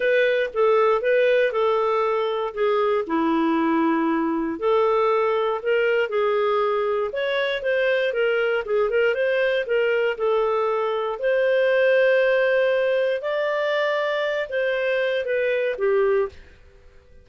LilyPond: \new Staff \with { instrumentName = "clarinet" } { \time 4/4 \tempo 4 = 118 b'4 a'4 b'4 a'4~ | a'4 gis'4 e'2~ | e'4 a'2 ais'4 | gis'2 cis''4 c''4 |
ais'4 gis'8 ais'8 c''4 ais'4 | a'2 c''2~ | c''2 d''2~ | d''8 c''4. b'4 g'4 | }